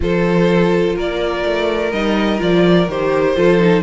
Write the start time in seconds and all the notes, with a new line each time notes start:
0.00 F3 F4 A4 C5
0.96 A#3 A#4 D5
1.45 A3
1.92 G3 D#4 D#5
2.39 F3 F4 D5
2.87 D#3 G4 C5
3.36 F3 F4 A4
3.59 D#4